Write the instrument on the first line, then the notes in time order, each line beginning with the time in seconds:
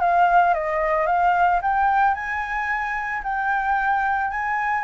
flute
0.00 F5
0.54 D#5
1.06 F5
1.62 G5
2.14 G#5
3.23 G5
4.31 G#5